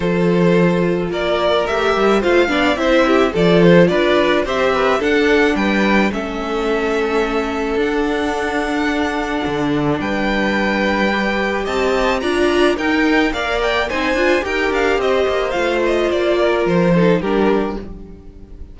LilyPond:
<<
  \new Staff \with { instrumentName = "violin" } { \time 4/4 \tempo 4 = 108 c''2 d''4 e''4 | f''4 e''4 d''8 c''8 d''4 | e''4 fis''4 g''4 e''4~ | e''2 fis''2~ |
fis''2 g''2~ | g''4 a''4 ais''4 g''4 | f''8 g''8 gis''4 g''8 f''8 dis''4 | f''8 dis''8 d''4 c''4 ais'4 | }
  \new Staff \with { instrumentName = "violin" } { \time 4/4 a'2 ais'2 | c''8 d''8 c''8 g'8 a'4 b'4 | c''8 b'8 a'4 b'4 a'4~ | a'1~ |
a'2 b'2~ | b'4 dis''4 d''4 ais'4 | d''4 c''4 ais'4 c''4~ | c''4. ais'4 a'8 g'4 | }
  \new Staff \with { instrumentName = "viola" } { \time 4/4 f'2. g'4 | f'8 d'8 e'4 f'2 | g'4 d'2 cis'4~ | cis'2 d'2~ |
d'1 | g'2 f'4 dis'4 | ais'4 dis'8 f'8 g'2 | f'2~ f'8 dis'8 d'4 | }
  \new Staff \with { instrumentName = "cello" } { \time 4/4 f2 ais4 a8 g8 | a8 b8 c'4 f4 d'4 | c'4 d'4 g4 a4~ | a2 d'2~ |
d'4 d4 g2~ | g4 c'4 d'4 dis'4 | ais4 c'8 d'8 dis'8 d'8 c'8 ais8 | a4 ais4 f4 g4 | }
>>